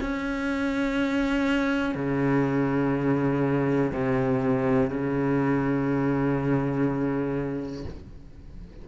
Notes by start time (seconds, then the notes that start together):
0.00 C#4
1.94 C#3
3.92 C3
4.90 C#3